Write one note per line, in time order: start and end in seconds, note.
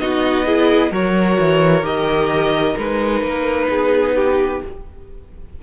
0.00 0.92 B3
0.00 0.46 D#4
0.00 0.46 F#4
0.00 0.92 D#5
0.46 0.91 E4
0.46 0.92 G#4
0.91 1.38 F#3
0.91 1.83 F#4
0.91 3.69 A#4
0.91 1.86 C#5
1.40 1.83 E3
1.83 2.75 D#3
1.83 2.75 G4
1.83 2.78 D#5
2.76 3.23 G#3
2.76 4.61 D#4
2.76 4.63 B4
3.23 3.69 A#3
3.70 4.62 B3
3.70 4.16 G#4
4.16 4.62 G4